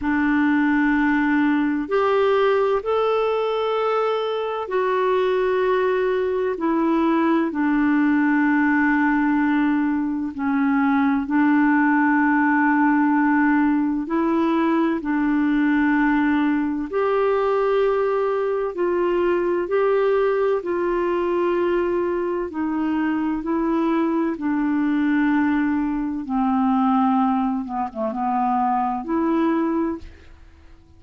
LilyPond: \new Staff \with { instrumentName = "clarinet" } { \time 4/4 \tempo 4 = 64 d'2 g'4 a'4~ | a'4 fis'2 e'4 | d'2. cis'4 | d'2. e'4 |
d'2 g'2 | f'4 g'4 f'2 | dis'4 e'4 d'2 | c'4. b16 a16 b4 e'4 | }